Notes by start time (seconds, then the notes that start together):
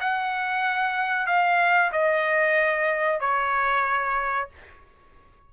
0.00 F#5
1.26 F5
1.92 D#5
3.20 C#5